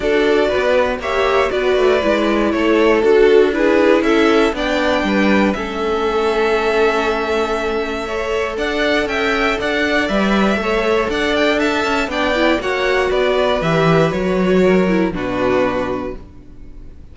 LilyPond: <<
  \new Staff \with { instrumentName = "violin" } { \time 4/4 \tempo 4 = 119 d''2 e''4 d''4~ | d''4 cis''4 a'4 b'4 | e''4 g''2 e''4~ | e''1~ |
e''4 fis''4 g''4 fis''4 | e''2 fis''8 g''8 a''4 | g''4 fis''4 d''4 e''4 | cis''2 b'2 | }
  \new Staff \with { instrumentName = "violin" } { \time 4/4 a'4 b'4 cis''4 b'4~ | b'4 a'2 gis'4 | a'4 d''4 b'4 a'4~ | a'1 |
cis''4 d''4 e''4 d''4~ | d''4 cis''4 d''4 e''4 | d''4 cis''4 b'2~ | b'4 ais'4 fis'2 | }
  \new Staff \with { instrumentName = "viola" } { \time 4/4 fis'2 g'4 fis'4 | e'2 fis'4 e'4~ | e'4 d'2 cis'4~ | cis'1 |
a'1 | b'4 a'2. | d'8 e'8 fis'2 g'4 | fis'4. e'8 d'2 | }
  \new Staff \with { instrumentName = "cello" } { \time 4/4 d'4 b4 ais4 b8 a8 | gis4 a4 d'2 | cis'4 b4 g4 a4~ | a1~ |
a4 d'4 cis'4 d'4 | g4 a4 d'4. cis'8 | b4 ais4 b4 e4 | fis2 b,2 | }
>>